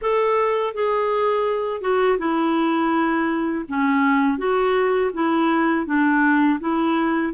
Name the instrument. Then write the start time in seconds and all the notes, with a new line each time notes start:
clarinet
0.01 A4
0.74 G#4
1.81 F#4
2.18 E4
3.68 C#4
4.37 F#4
5.13 E4
5.86 D4
6.60 E4